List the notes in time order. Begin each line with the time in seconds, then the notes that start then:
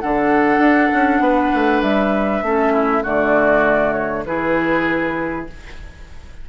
0.00 D3 D4 A4 F#5
0.58 D4
0.93 C#4
1.20 B3 B4
1.54 A3
1.82 G3 E5
2.42 A3 C#4 A4
2.72 E4
3.03 D3 A3 F#4 D5
3.93 C#5
4.25 E3 E4 G#4 B4